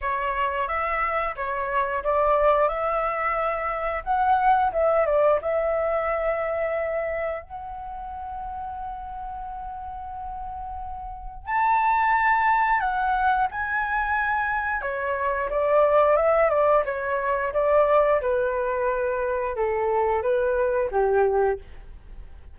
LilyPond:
\new Staff \with { instrumentName = "flute" } { \time 4/4 \tempo 4 = 89 cis''4 e''4 cis''4 d''4 | e''2 fis''4 e''8 d''8 | e''2. fis''4~ | fis''1~ |
fis''4 a''2 fis''4 | gis''2 cis''4 d''4 | e''8 d''8 cis''4 d''4 b'4~ | b'4 a'4 b'4 g'4 | }